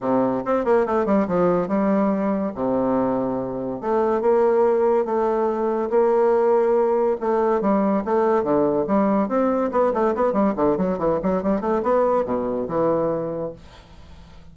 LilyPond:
\new Staff \with { instrumentName = "bassoon" } { \time 4/4 \tempo 4 = 142 c4 c'8 ais8 a8 g8 f4 | g2 c2~ | c4 a4 ais2 | a2 ais2~ |
ais4 a4 g4 a4 | d4 g4 c'4 b8 a8 | b8 g8 d8 fis8 e8 fis8 g8 a8 | b4 b,4 e2 | }